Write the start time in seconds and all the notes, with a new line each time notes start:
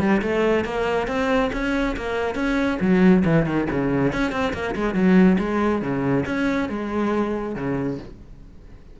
0.00 G3
0.22 A3
0.65 A#3
1.08 C4
1.53 C#4
1.97 A#3
2.35 C#4
2.81 F#3
3.25 E3
3.46 D#3
3.71 C#3
4.13 C#4
4.32 C4
4.54 A#3
4.76 G#3
4.94 F#3
5.39 G#3
5.82 C#3
6.26 C#4
6.69 G#3
7.56 C#3